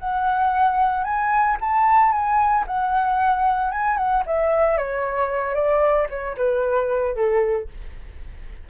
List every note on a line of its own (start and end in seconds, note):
0.00 1.04 F#5
1.04 1.57 G#5
1.61 2.12 A5
2.12 2.65 G#5
2.67 3.72 F#5
3.72 3.97 G#5
3.97 4.24 F#5
4.27 4.78 E5
4.78 5.55 C#5
5.55 6.08 D5
6.10 6.37 C#5
6.38 7.16 B4
7.16 7.69 A4